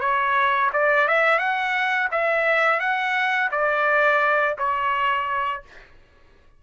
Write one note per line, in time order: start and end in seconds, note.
0.00 0.70 C#5
0.73 1.08 D5
1.08 1.39 E5
1.39 2.08 F#5
2.11 2.80 E5
2.80 3.49 F#5
3.51 4.56 D5
4.58 5.63 C#5